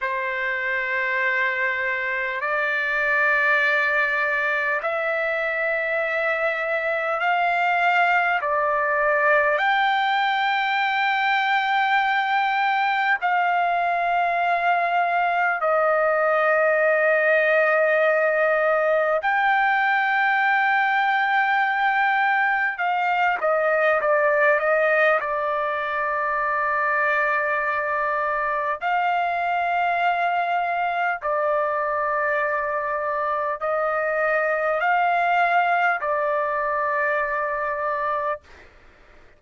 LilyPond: \new Staff \with { instrumentName = "trumpet" } { \time 4/4 \tempo 4 = 50 c''2 d''2 | e''2 f''4 d''4 | g''2. f''4~ | f''4 dis''2. |
g''2. f''8 dis''8 | d''8 dis''8 d''2. | f''2 d''2 | dis''4 f''4 d''2 | }